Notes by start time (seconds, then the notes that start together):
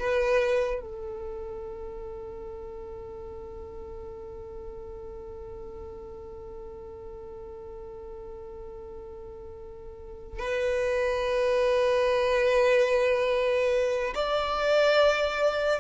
0.00 B4
0.81 A4
10.39 B4
14.15 D5